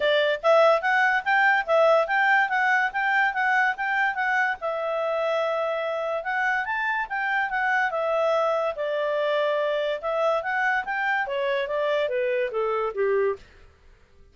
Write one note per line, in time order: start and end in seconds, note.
0.00 0.40 D5
0.42 0.81 E5
0.81 1.23 F#5
1.24 1.66 G5
1.66 2.07 E5
2.07 2.49 G5
2.49 2.91 F#5
2.92 3.33 G5
3.33 3.75 F#5
3.76 4.15 G5
4.15 4.56 F#5
4.60 6.23 E5
6.23 6.65 F#5
6.65 7.07 A5
7.09 7.50 G5
7.50 7.91 F#5
7.91 8.74 E5
8.75 10.00 D5
10.01 10.43 E5
10.43 10.84 F#5
10.84 11.26 G5
11.27 11.67 C#5
11.67 12.08 D5
12.08 12.50 B4
12.51 12.93 A4
12.94 13.36 G4